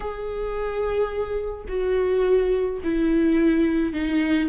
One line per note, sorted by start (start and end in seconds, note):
0.00 1.65 G#4
1.68 2.80 F#4
2.83 3.93 E4
3.93 4.48 D#4